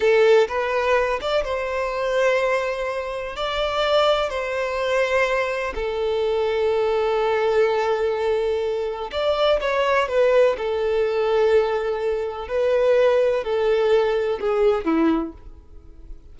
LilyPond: \new Staff \with { instrumentName = "violin" } { \time 4/4 \tempo 4 = 125 a'4 b'4. d''8 c''4~ | c''2. d''4~ | d''4 c''2. | a'1~ |
a'2. d''4 | cis''4 b'4 a'2~ | a'2 b'2 | a'2 gis'4 e'4 | }